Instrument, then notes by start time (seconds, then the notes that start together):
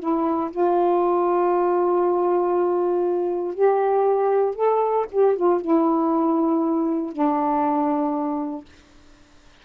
saxophone
0.00 E4
0.51 F4
3.54 G4
4.56 A4
5.12 G4
5.36 F4
5.61 E4
7.13 D4